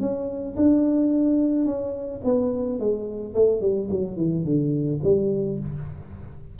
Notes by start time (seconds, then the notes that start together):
0.00 C#4
0.56 D4
1.65 C#4
2.24 B3
2.79 G#3
3.34 A3
3.61 G3
3.90 F#3
4.17 E3
4.44 D3
5.03 G3